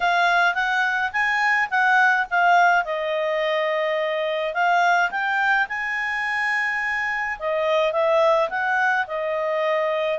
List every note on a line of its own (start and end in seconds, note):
0.00 0.54 F5
0.54 1.11 F#5
1.12 1.69 G#5
1.70 2.26 F#5
2.30 2.85 F5
2.85 4.54 D#5
4.54 5.10 F5
5.10 5.67 G5
5.68 7.38 G#5
7.39 7.92 D#5
7.92 8.49 E5
8.49 9.06 F#5
9.07 10.19 D#5